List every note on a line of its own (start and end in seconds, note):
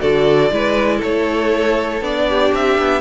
0.00 0.51 D3
0.00 0.50 F#4
0.00 0.51 A4
0.00 1.01 D5
0.50 1.01 G#3
0.50 2.01 E4
0.50 0.97 B4
0.97 2.01 A3
0.97 2.23 A4
0.97 2.03 C#5
2.01 2.51 B3
2.01 3.00 D4
2.01 2.54 D5
2.29 3.00 G4
2.53 2.78 C4
2.53 3.00 E5
2.78 3.00 B3